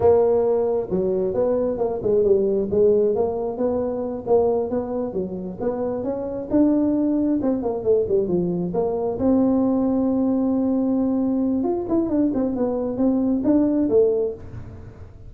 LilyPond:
\new Staff \with { instrumentName = "tuba" } { \time 4/4 \tempo 4 = 134 ais2 fis4 b4 | ais8 gis8 g4 gis4 ais4 | b4. ais4 b4 fis8~ | fis8 b4 cis'4 d'4.~ |
d'8 c'8 ais8 a8 g8 f4 ais8~ | ais8 c'2.~ c'8~ | c'2 f'8 e'8 d'8 c'8 | b4 c'4 d'4 a4 | }